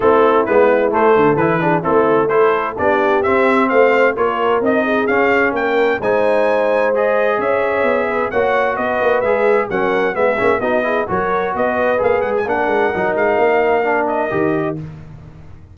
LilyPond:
<<
  \new Staff \with { instrumentName = "trumpet" } { \time 4/4 \tempo 4 = 130 a'4 b'4 c''4 b'4 | a'4 c''4 d''4 e''4 | f''4 cis''4 dis''4 f''4 | g''4 gis''2 dis''4 |
e''2 fis''4 dis''4 | e''4 fis''4 e''4 dis''4 | cis''4 dis''4 f''8 fis''16 gis''16 fis''4~ | fis''8 f''2 dis''4. | }
  \new Staff \with { instrumentName = "horn" } { \time 4/4 e'2~ e'8 a'4 gis'8 | e'4 a'4 g'2 | c''4 ais'4. gis'4. | ais'4 c''2. |
cis''4. b'8 cis''4 b'4~ | b'4 ais'4 gis'4 fis'8 gis'8 | ais'4 b'2 ais'4~ | ais'1 | }
  \new Staff \with { instrumentName = "trombone" } { \time 4/4 c'4 b4 a4 e'8 d'8 | c'4 e'4 d'4 c'4~ | c'4 f'4 dis'4 cis'4~ | cis'4 dis'2 gis'4~ |
gis'2 fis'2 | gis'4 cis'4 b8 cis'8 dis'8 e'8 | fis'2 gis'4 d'4 | dis'2 d'4 g'4 | }
  \new Staff \with { instrumentName = "tuba" } { \time 4/4 a4 gis4 a8 d8 e4 | a2 b4 c'4 | a4 ais4 c'4 cis'4 | ais4 gis2. |
cis'4 b4 ais4 b8 ais8 | gis4 fis4 gis8 ais8 b4 | fis4 b4 ais8 gis8 ais8 gis8 | fis8 gis8 ais2 dis4 | }
>>